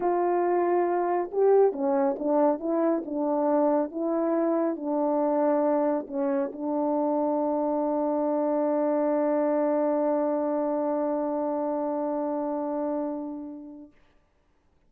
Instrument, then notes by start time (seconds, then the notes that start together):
horn
0.00 F4
1.31 G4
1.72 C#4
2.18 D4
2.59 E4
3.05 D4
3.91 E4
4.76 D4
6.07 C#4
6.52 D4